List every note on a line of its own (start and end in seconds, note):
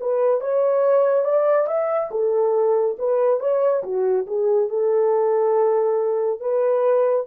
0.00 0.41 B4
0.41 1.24 C#5
1.24 1.67 D5
1.67 2.10 E5
2.11 2.96 A4
2.98 3.40 B4
3.40 3.83 C#5
3.83 4.26 F#4
4.26 4.69 G#4
4.69 6.40 A4
6.40 7.26 B4